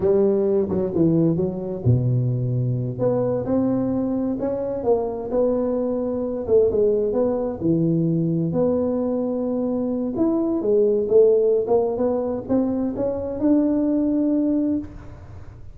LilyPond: \new Staff \with { instrumentName = "tuba" } { \time 4/4 \tempo 4 = 130 g4. fis8 e4 fis4 | b,2~ b,8 b4 c'8~ | c'4. cis'4 ais4 b8~ | b2 a8 gis4 b8~ |
b8 e2 b4.~ | b2 e'4 gis4 | a4~ a16 ais8. b4 c'4 | cis'4 d'2. | }